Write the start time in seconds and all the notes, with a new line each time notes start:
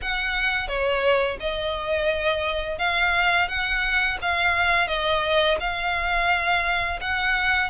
0.01 F#5
0.68 C#5
1.40 D#5
2.78 F5
3.48 F#5
4.21 F5
4.87 D#5
5.60 F5
7.00 F#5